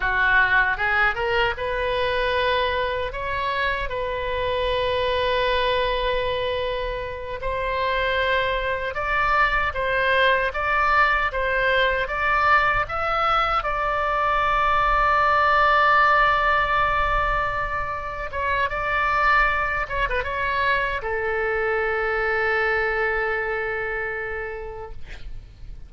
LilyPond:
\new Staff \with { instrumentName = "oboe" } { \time 4/4 \tempo 4 = 77 fis'4 gis'8 ais'8 b'2 | cis''4 b'2.~ | b'4. c''2 d''8~ | d''8 c''4 d''4 c''4 d''8~ |
d''8 e''4 d''2~ d''8~ | d''2.~ d''8 cis''8 | d''4. cis''16 b'16 cis''4 a'4~ | a'1 | }